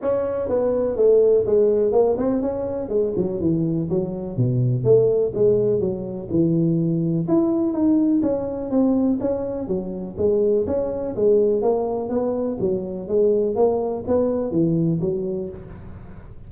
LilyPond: \new Staff \with { instrumentName = "tuba" } { \time 4/4 \tempo 4 = 124 cis'4 b4 a4 gis4 | ais8 c'8 cis'4 gis8 fis8 e4 | fis4 b,4 a4 gis4 | fis4 e2 e'4 |
dis'4 cis'4 c'4 cis'4 | fis4 gis4 cis'4 gis4 | ais4 b4 fis4 gis4 | ais4 b4 e4 fis4 | }